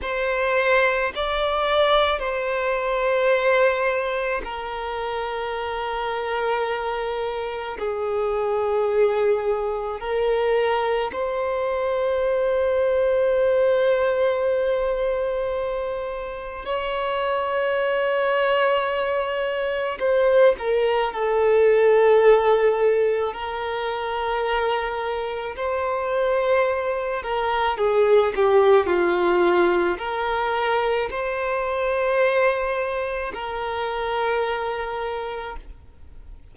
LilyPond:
\new Staff \with { instrumentName = "violin" } { \time 4/4 \tempo 4 = 54 c''4 d''4 c''2 | ais'2. gis'4~ | gis'4 ais'4 c''2~ | c''2. cis''4~ |
cis''2 c''8 ais'8 a'4~ | a'4 ais'2 c''4~ | c''8 ais'8 gis'8 g'8 f'4 ais'4 | c''2 ais'2 | }